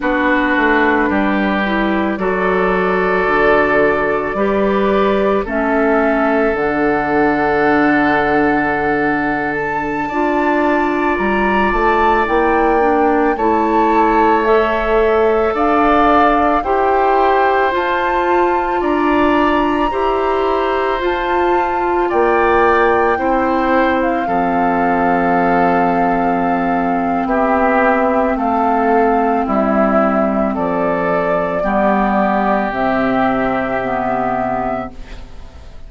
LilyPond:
<<
  \new Staff \with { instrumentName = "flute" } { \time 4/4 \tempo 4 = 55 b'2 d''2~ | d''4 e''4 fis''2~ | fis''8. a''4. ais''8 a''8 g''8.~ | g''16 a''4 e''4 f''4 g''8.~ |
g''16 a''4 ais''2 a''8.~ | a''16 g''4.~ g''16 f''2~ | f''4 e''4 f''4 e''4 | d''2 e''2 | }
  \new Staff \with { instrumentName = "oboe" } { \time 4/4 fis'4 g'4 a'2 | b'4 a'2.~ | a'4~ a'16 d''2~ d''8.~ | d''16 cis''2 d''4 c''8.~ |
c''4~ c''16 d''4 c''4.~ c''16~ | c''16 d''4 c''4 a'4.~ a'16~ | a'4 g'4 a'4 e'4 | a'4 g'2. | }
  \new Staff \with { instrumentName = "clarinet" } { \time 4/4 d'4. e'8 fis'2 | g'4 cis'4 d'2~ | d'4~ d'16 f'2 e'8 d'16~ | d'16 e'4 a'2 g'8.~ |
g'16 f'2 g'4 f'8.~ | f'4~ f'16 e'4 c'4.~ c'16~ | c'1~ | c'4 b4 c'4 b4 | }
  \new Staff \with { instrumentName = "bassoon" } { \time 4/4 b8 a8 g4 fis4 d4 | g4 a4 d2~ | d4~ d16 d'4 g8 a8 ais8.~ | ais16 a2 d'4 e'8.~ |
e'16 f'4 d'4 e'4 f'8.~ | f'16 ais4 c'4 f4.~ f16~ | f4 b4 a4 g4 | f4 g4 c2 | }
>>